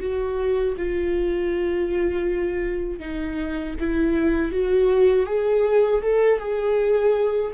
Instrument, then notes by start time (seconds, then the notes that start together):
viola
0.00 F#4
0.77 F4
3.00 D#4
3.80 E4
4.52 F#4
5.26 G#4
6.02 A4
6.39 G#4